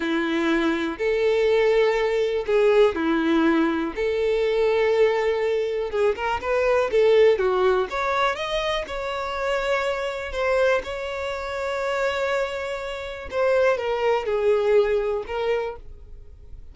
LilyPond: \new Staff \with { instrumentName = "violin" } { \time 4/4 \tempo 4 = 122 e'2 a'2~ | a'4 gis'4 e'2 | a'1 | gis'8 ais'8 b'4 a'4 fis'4 |
cis''4 dis''4 cis''2~ | cis''4 c''4 cis''2~ | cis''2. c''4 | ais'4 gis'2 ais'4 | }